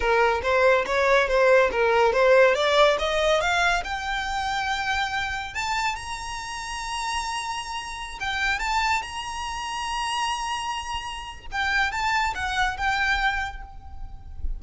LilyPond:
\new Staff \with { instrumentName = "violin" } { \time 4/4 \tempo 4 = 141 ais'4 c''4 cis''4 c''4 | ais'4 c''4 d''4 dis''4 | f''4 g''2.~ | g''4 a''4 ais''2~ |
ais''2.~ ais''16 g''8.~ | g''16 a''4 ais''2~ ais''8.~ | ais''2. g''4 | a''4 fis''4 g''2 | }